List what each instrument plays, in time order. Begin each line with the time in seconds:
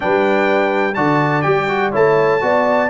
0.00 tuba G3, trombone D4, horn B4, trumpet G5
0.94 tuba D3, trombone F#4, horn D5, trumpet A5
1.42 tuba G3, trombone G4, trumpet G5
1.68 trombone F#4
1.91 tuba A3, trombone E4, horn C#5, trumpet A5
2.40 tuba B3, trombone F#4, horn D5